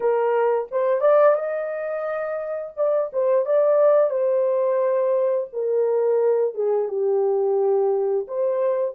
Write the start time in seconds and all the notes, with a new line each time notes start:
0.00 A#4
0.71 C5
1.01 D5
1.35 D#5
2.76 D5
3.12 C5
3.45 D5
4.10 C5
5.52 A#4
6.54 G#4
6.88 G4
8.27 C5